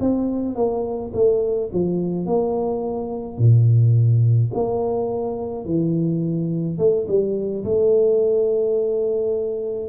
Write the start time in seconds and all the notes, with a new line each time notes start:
0.00 C4
0.56 A#3
1.14 A3
1.73 F3
2.26 A#3
3.38 A#2
4.54 A#3
5.66 E3
6.79 A3
7.08 G3
7.65 A3